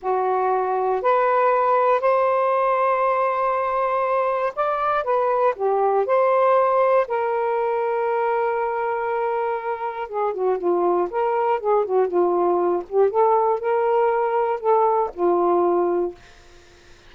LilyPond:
\new Staff \with { instrumentName = "saxophone" } { \time 4/4 \tempo 4 = 119 fis'2 b'2 | c''1~ | c''4 d''4 b'4 g'4 | c''2 ais'2~ |
ais'1 | gis'8 fis'8 f'4 ais'4 gis'8 fis'8 | f'4. g'8 a'4 ais'4~ | ais'4 a'4 f'2 | }